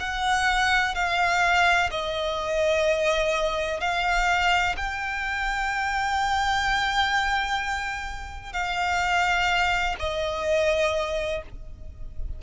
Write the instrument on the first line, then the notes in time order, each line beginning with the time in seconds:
violin
0.00 F#5
0.95 F5
1.91 D#5
3.81 F5
4.77 G5
8.53 F5
10.00 D#5